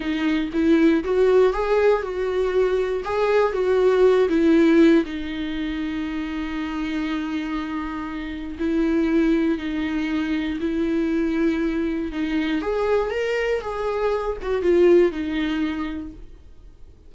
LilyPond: \new Staff \with { instrumentName = "viola" } { \time 4/4 \tempo 4 = 119 dis'4 e'4 fis'4 gis'4 | fis'2 gis'4 fis'4~ | fis'8 e'4. dis'2~ | dis'1~ |
dis'4 e'2 dis'4~ | dis'4 e'2. | dis'4 gis'4 ais'4 gis'4~ | gis'8 fis'8 f'4 dis'2 | }